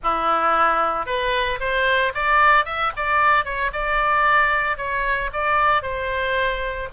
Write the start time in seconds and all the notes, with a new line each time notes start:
0.03 E4
1.06 B4
1.59 C5
2.14 D5
2.65 E5
2.96 D5
3.44 C#5
3.72 D5
4.77 C#5
5.32 D5
5.82 C5